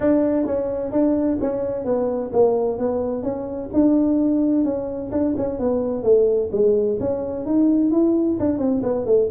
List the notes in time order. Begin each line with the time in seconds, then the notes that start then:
0.00 D4
0.45 C#4
0.91 D4
1.40 C#4
1.84 B3
2.33 A#3
2.78 B3
3.23 C#4
3.73 D4
4.64 C#4
5.11 D4
5.36 C#4
5.59 B3
6.03 A3
6.52 G#3
7.00 C#4
7.45 D#4
7.91 E4
8.39 D4
8.58 C4
8.82 B3
9.05 A3